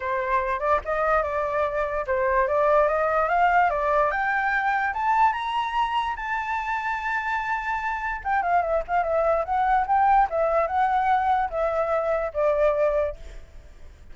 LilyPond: \new Staff \with { instrumentName = "flute" } { \time 4/4 \tempo 4 = 146 c''4. d''8 dis''4 d''4~ | d''4 c''4 d''4 dis''4 | f''4 d''4 g''2 | a''4 ais''2 a''4~ |
a''1 | g''8 f''8 e''8 f''8 e''4 fis''4 | g''4 e''4 fis''2 | e''2 d''2 | }